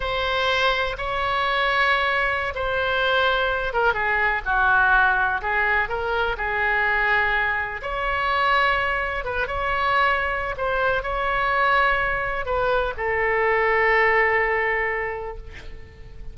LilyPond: \new Staff \with { instrumentName = "oboe" } { \time 4/4 \tempo 4 = 125 c''2 cis''2~ | cis''4~ cis''16 c''2~ c''8 ais'16~ | ais'16 gis'4 fis'2 gis'8.~ | gis'16 ais'4 gis'2~ gis'8.~ |
gis'16 cis''2. b'8 cis''16~ | cis''2 c''4 cis''4~ | cis''2 b'4 a'4~ | a'1 | }